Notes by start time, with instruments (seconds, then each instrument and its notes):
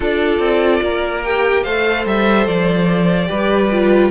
0.00 cello D4, viola F4, violin A4 D5
0.39 cello C4
0.82 cello A#3, violin A#4
1.23 viola G4, violin G5
1.63 cello A3, viola A4, violin C5 F5
2.05 cello G3, violin E5
2.46 cello F3, violin D5
3.26 cello G3, viola G4, violin B4
3.71 viola F4